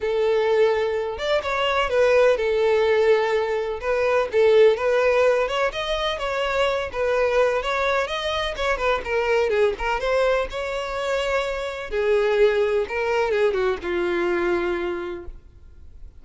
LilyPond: \new Staff \with { instrumentName = "violin" } { \time 4/4 \tempo 4 = 126 a'2~ a'8 d''8 cis''4 | b'4 a'2. | b'4 a'4 b'4. cis''8 | dis''4 cis''4. b'4. |
cis''4 dis''4 cis''8 b'8 ais'4 | gis'8 ais'8 c''4 cis''2~ | cis''4 gis'2 ais'4 | gis'8 fis'8 f'2. | }